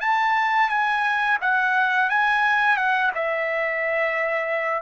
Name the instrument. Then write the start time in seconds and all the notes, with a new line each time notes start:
trumpet
0.00 A5
0.69 G#5
1.41 F#5
2.09 G#5
2.76 F#5
3.14 E5